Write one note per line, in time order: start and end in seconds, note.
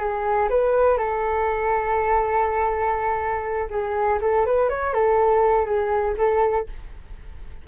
0.00 0.49 G#4
0.50 0.98 B4
0.98 3.68 A4
3.70 4.19 G#4
4.21 4.46 A4
4.46 4.69 B4
4.69 4.94 C#5
4.94 5.66 A4
5.66 6.15 G#4
6.18 6.67 A4